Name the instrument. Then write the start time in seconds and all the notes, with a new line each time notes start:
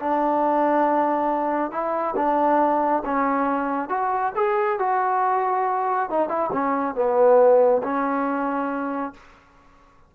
trombone
0.00 D4
1.71 E4
2.16 D4
3.05 C#4
3.89 F#4
4.36 G#4
4.79 F#4
6.10 D#4
6.29 E4
6.52 C#4
6.95 B3
7.83 C#4